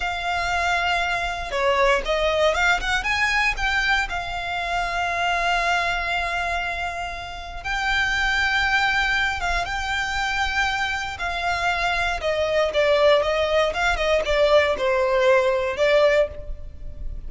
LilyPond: \new Staff \with { instrumentName = "violin" } { \time 4/4 \tempo 4 = 118 f''2. cis''4 | dis''4 f''8 fis''8 gis''4 g''4 | f''1~ | f''2. g''4~ |
g''2~ g''8 f''8 g''4~ | g''2 f''2 | dis''4 d''4 dis''4 f''8 dis''8 | d''4 c''2 d''4 | }